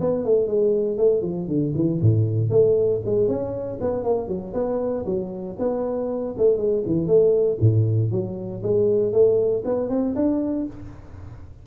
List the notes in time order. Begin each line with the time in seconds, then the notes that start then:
0.00 B3
0.25 A3
0.47 G#3
0.97 A3
1.22 F3
1.47 D3
1.75 E3
2.01 A2
2.50 A3
3.05 G#3
3.28 C#4
3.80 B3
4.04 A#3
4.28 F#3
4.53 B3
5.05 F#3
5.58 B3
6.37 A3
6.57 G#3
6.86 E3
7.07 A3
7.60 A2
8.11 F#3
8.63 G#3
9.12 A3
9.65 B3
9.89 C4
10.15 D4